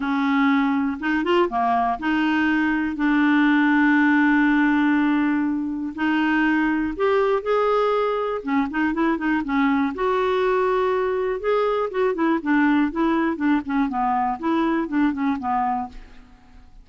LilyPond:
\new Staff \with { instrumentName = "clarinet" } { \time 4/4 \tempo 4 = 121 cis'2 dis'8 f'8 ais4 | dis'2 d'2~ | d'1 | dis'2 g'4 gis'4~ |
gis'4 cis'8 dis'8 e'8 dis'8 cis'4 | fis'2. gis'4 | fis'8 e'8 d'4 e'4 d'8 cis'8 | b4 e'4 d'8 cis'8 b4 | }